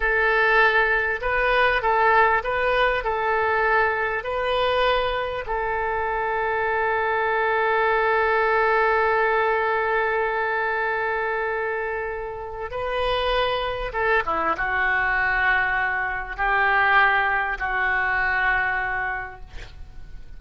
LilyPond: \new Staff \with { instrumentName = "oboe" } { \time 4/4 \tempo 4 = 99 a'2 b'4 a'4 | b'4 a'2 b'4~ | b'4 a'2.~ | a'1~ |
a'1~ | a'4 b'2 a'8 e'8 | fis'2. g'4~ | g'4 fis'2. | }